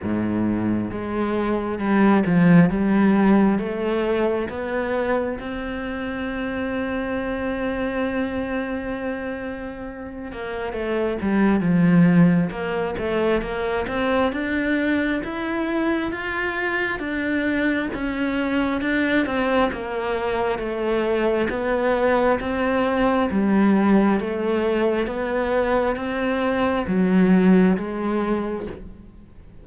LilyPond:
\new Staff \with { instrumentName = "cello" } { \time 4/4 \tempo 4 = 67 gis,4 gis4 g8 f8 g4 | a4 b4 c'2~ | c'2.~ c'8 ais8 | a8 g8 f4 ais8 a8 ais8 c'8 |
d'4 e'4 f'4 d'4 | cis'4 d'8 c'8 ais4 a4 | b4 c'4 g4 a4 | b4 c'4 fis4 gis4 | }